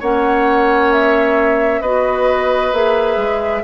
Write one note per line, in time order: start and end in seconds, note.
0.00 1.81 A#3
0.00 1.84 C#4
0.00 1.81 C#5
0.00 0.93 F#5
0.93 1.82 E5
1.81 2.72 B3
1.81 2.73 F#4
1.81 3.63 B4
1.81 2.73 D#5
2.73 3.17 A#3
2.73 3.63 G#4
2.73 3.63 E5
3.17 3.62 G#3